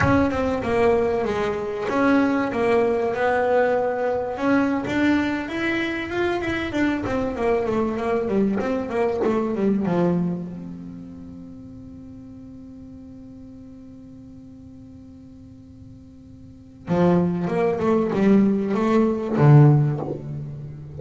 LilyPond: \new Staff \with { instrumentName = "double bass" } { \time 4/4 \tempo 4 = 96 cis'8 c'8 ais4 gis4 cis'4 | ais4 b2 cis'8. d'16~ | d'8. e'4 f'8 e'8 d'8 c'8 ais16~ | ais16 a8 ais8 g8 c'8 ais8 a8 g8 f16~ |
f8. c'2.~ c'16~ | c'1~ | c'2. f4 | ais8 a8 g4 a4 d4 | }